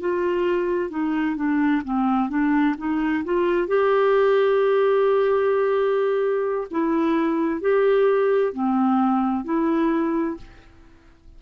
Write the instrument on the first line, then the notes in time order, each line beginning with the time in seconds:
clarinet
0.00 F4
0.90 D#4
1.36 D4
1.84 C4
2.29 D4
2.77 D#4
3.24 F4
3.67 G4
6.70 E4
7.61 G4
8.53 C4
9.44 E4